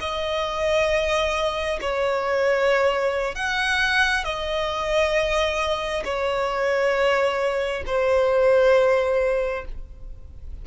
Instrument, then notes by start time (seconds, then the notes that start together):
violin
0.00 D#5
1.81 C#5
3.35 F#5
4.24 D#5
6.04 C#5
7.86 C5